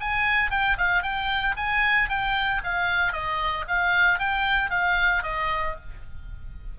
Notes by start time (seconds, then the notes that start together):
0.00 G#5
0.50 G5
0.78 F5
1.03 G5
1.56 G#5
2.09 G5
2.64 F5
3.12 D#5
3.68 F5
4.19 G5
4.70 F5
5.23 D#5